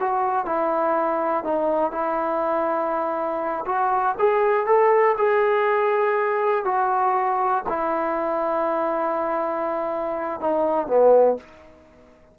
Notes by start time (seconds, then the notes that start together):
0.00 F#4
0.46 E4
1.44 D#4
1.92 E4
3.66 F#4
4.19 G#4
4.67 A4
5.18 G#4
6.65 F#4
7.69 E4
10.41 D#4
10.88 B3